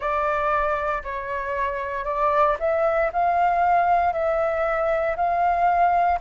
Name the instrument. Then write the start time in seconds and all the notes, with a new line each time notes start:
flute
0.00 D5
1.03 C#5
2.05 D5
2.59 E5
3.12 F5
4.12 E5
5.16 F5